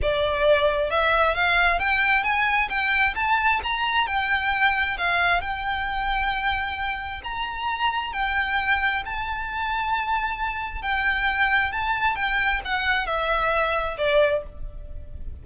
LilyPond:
\new Staff \with { instrumentName = "violin" } { \time 4/4 \tempo 4 = 133 d''2 e''4 f''4 | g''4 gis''4 g''4 a''4 | ais''4 g''2 f''4 | g''1 |
ais''2 g''2 | a''1 | g''2 a''4 g''4 | fis''4 e''2 d''4 | }